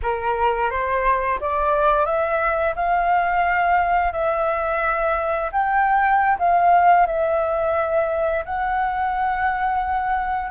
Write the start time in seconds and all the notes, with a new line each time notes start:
0.02 A#4
0.70 C5
1.40 D5
2.05 E5
2.75 F5
4.12 E5
5.52 G5
6.39 F5
7.06 E5
8.45 F#5